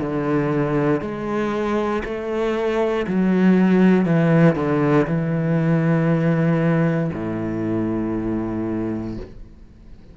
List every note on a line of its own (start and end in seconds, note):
0.00 1.01 D3
1.01 2.03 G#3
2.05 3.06 A3
3.07 4.05 F#3
4.05 4.55 E3
4.55 5.06 D3
5.07 7.10 E3
7.14 9.17 A2